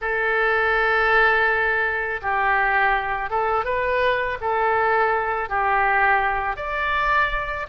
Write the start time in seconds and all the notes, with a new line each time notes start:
0.01 A4
2.22 G4
3.30 A4
3.65 B4
4.41 A4
5.49 G4
6.56 D5